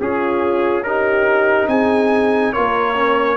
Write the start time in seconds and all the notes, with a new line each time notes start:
0.00 C#4 F4 G#4
0.83 D#4 G4 A#4
1.68 C4 G#4 G#5
2.53 A#3 F4 A#4 C#5
2.95 C#4